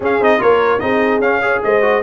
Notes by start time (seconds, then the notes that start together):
0.00 C#4 G#4 F5
0.20 C4 D#4 D#5
0.39 A#3 F4 A#4 C#5
0.79 C4 D#4 G#4 D#5
1.19 C#4 F5
1.41 G#4 C#5
1.63 G#3 C5 D#5
1.81 F#4